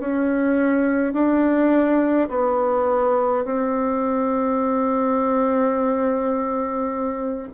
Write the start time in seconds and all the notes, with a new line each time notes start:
0.00 C#4
1.13 D4
2.29 B3
3.45 C4